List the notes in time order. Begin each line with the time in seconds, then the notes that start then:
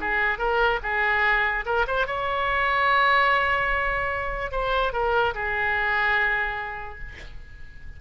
0.00 G#4
0.38 A#4
0.83 G#4
1.65 A#4
1.87 C5
2.07 C#5
4.51 C5
4.93 A#4
5.34 G#4